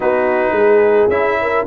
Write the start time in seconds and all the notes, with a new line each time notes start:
0.00 B3 D#4 F#4 B4
0.51 G#3 G#4
1.09 C#4 E4 E5
1.41 A#4